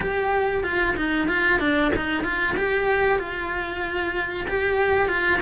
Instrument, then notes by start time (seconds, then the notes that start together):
cello
0.00 G4
0.63 F4
0.96 D#4
1.28 F4
1.59 D4
1.96 D#4
2.23 F4
2.56 G4
3.19 F4
4.47 G4
5.08 F4